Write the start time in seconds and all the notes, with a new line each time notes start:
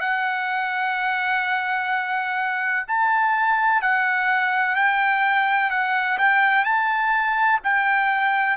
0.00 F#5
2.87 A5
3.81 F#5
4.75 G5
5.70 F#5
6.18 G5
6.64 A5
7.64 G5